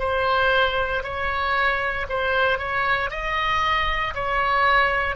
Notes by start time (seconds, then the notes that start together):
0.00 C5
1.03 C#5
2.10 C5
2.59 C#5
3.11 D#5
4.15 C#5